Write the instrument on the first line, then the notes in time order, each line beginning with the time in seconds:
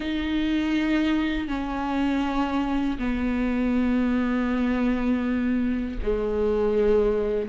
viola
0.00 D#4
1.48 C#4
2.98 B3
6.02 G#3